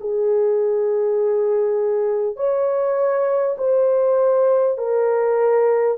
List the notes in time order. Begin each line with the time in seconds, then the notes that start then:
0.00 G#4
2.36 C#5
3.57 C5
4.77 A#4